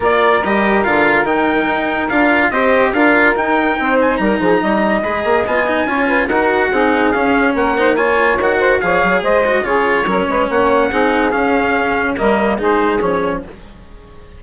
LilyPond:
<<
  \new Staff \with { instrumentName = "trumpet" } { \time 4/4 \tempo 4 = 143 d''4 dis''4 f''4 g''4~ | g''4 f''4 dis''4 f''4 | g''4. gis''8 ais''2 | b''8 ais''8 gis''2 fis''4~ |
fis''4 f''4 fis''4 gis''4 | fis''4 f''4 dis''4 cis''4~ | cis''4 fis''2 f''4~ | f''4 dis''4 c''4 cis''4 | }
  \new Staff \with { instrumentName = "saxophone" } { \time 4/4 ais'1~ | ais'2 c''4 ais'4~ | ais'4 c''4 ais'8 gis'8 dis''4~ | dis''2 cis''8 b'8 ais'4 |
gis'2 ais'8 c''8 cis''4~ | cis''8 c''8 cis''4 c''4 gis'4 | ais'8 b'8 cis''4 gis'2~ | gis'4 ais'4 gis'2 | }
  \new Staff \with { instrumentName = "cello" } { \time 4/4 f'4 g'4 f'4 dis'4~ | dis'4 f'4 g'4 f'4 | dis'1 | gis'4 f'8 dis'8 f'4 fis'4 |
dis'4 cis'4. dis'8 f'4 | fis'4 gis'4. fis'8 f'4 | cis'2 dis'4 cis'4~ | cis'4 ais4 dis'4 cis'4 | }
  \new Staff \with { instrumentName = "bassoon" } { \time 4/4 ais4 g4 d4 dis4 | dis'4 d'4 c'4 d'4 | dis'4 c'4 g8 f8 g4 | gis8 ais8 b4 cis'4 dis'4 |
c'4 cis'4 ais2 | dis4 f8 fis8 gis4 cis4 | fis8 gis8 ais4 c'4 cis'4~ | cis'4 g4 gis4 f4 | }
>>